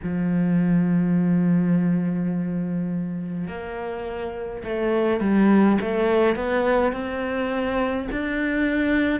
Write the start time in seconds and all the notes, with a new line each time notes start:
0.03 F3
3.47 A#3
4.64 A3
5.20 G3
5.81 A3
6.35 B3
6.92 C4
8.11 D4